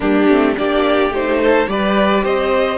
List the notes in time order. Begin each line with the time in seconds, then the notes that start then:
0.00 G3 A#3 D4 G4
0.27 A3 C4
0.56 A#3 D4 G4 D5
1.10 A3 D#4 C5
1.41 A4
1.66 G3 G4 B4 D5
2.23 C4 C5 D#5